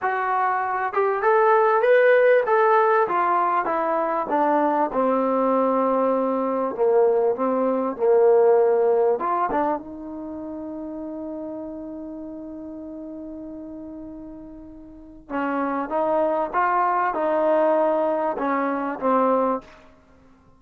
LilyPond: \new Staff \with { instrumentName = "trombone" } { \time 4/4 \tempo 4 = 98 fis'4. g'8 a'4 b'4 | a'4 f'4 e'4 d'4 | c'2. ais4 | c'4 ais2 f'8 d'8 |
dis'1~ | dis'1~ | dis'4 cis'4 dis'4 f'4 | dis'2 cis'4 c'4 | }